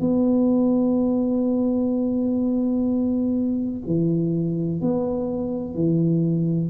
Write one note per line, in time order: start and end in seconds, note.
0.00 3.81 B3
3.86 4.81 E3
4.81 5.74 B3
5.74 6.69 E3